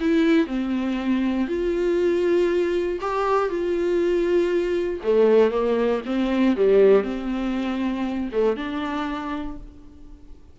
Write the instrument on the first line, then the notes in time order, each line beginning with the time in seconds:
viola
0.00 E4
0.47 C4
1.48 F4
3.01 G4
3.50 F4
5.03 A3
5.51 A#3
6.06 C4
6.56 G3
7.04 C4
8.32 A3
8.56 D4